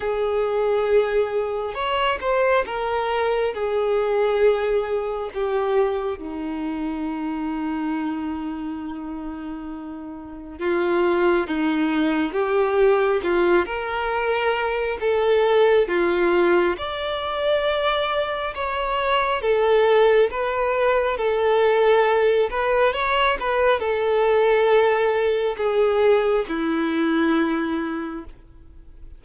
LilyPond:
\new Staff \with { instrumentName = "violin" } { \time 4/4 \tempo 4 = 68 gis'2 cis''8 c''8 ais'4 | gis'2 g'4 dis'4~ | dis'1 | f'4 dis'4 g'4 f'8 ais'8~ |
ais'4 a'4 f'4 d''4~ | d''4 cis''4 a'4 b'4 | a'4. b'8 cis''8 b'8 a'4~ | a'4 gis'4 e'2 | }